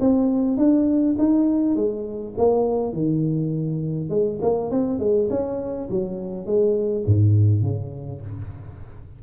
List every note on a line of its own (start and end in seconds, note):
0.00 0.57 C4
0.57 1.16 D4
1.18 1.76 D#4
1.76 2.34 G#3
2.37 2.93 A#3
2.93 4.10 D#3
4.10 4.39 G#3
4.42 4.71 A#3
4.71 4.99 C4
4.99 5.29 G#3
5.30 5.89 C#4
5.90 6.46 F#3
6.46 7.05 G#3
7.06 7.62 G#2
7.62 8.21 C#3